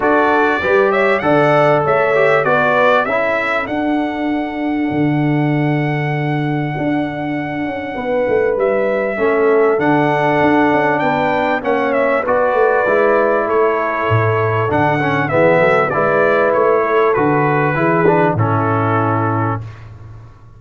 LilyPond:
<<
  \new Staff \with { instrumentName = "trumpet" } { \time 4/4 \tempo 4 = 98 d''4. e''8 fis''4 e''4 | d''4 e''4 fis''2~ | fis''1~ | fis''2 e''2 |
fis''2 g''4 fis''8 e''8 | d''2 cis''2 | fis''4 e''4 d''4 cis''4 | b'2 a'2 | }
  \new Staff \with { instrumentName = "horn" } { \time 4/4 a'4 b'8 cis''8 d''4 cis''4 | b'4 a'2.~ | a'1~ | a'4 b'2 a'4~ |
a'2 b'4 cis''4 | b'2 a'2~ | a'4 gis'8 a'8 b'4. a'8~ | a'4 gis'4 e'2 | }
  \new Staff \with { instrumentName = "trombone" } { \time 4/4 fis'4 g'4 a'4. g'8 | fis'4 e'4 d'2~ | d'1~ | d'2. cis'4 |
d'2. cis'4 | fis'4 e'2. | d'8 cis'8 b4 e'2 | fis'4 e'8 d'8 cis'2 | }
  \new Staff \with { instrumentName = "tuba" } { \time 4/4 d'4 g4 d4 a4 | b4 cis'4 d'2 | d2. d'4~ | d'8 cis'8 b8 a8 g4 a4 |
d4 d'8 cis'8 b4 ais4 | b8 a8 gis4 a4 a,4 | d4 e8 fis8 gis4 a4 | d4 e4 a,2 | }
>>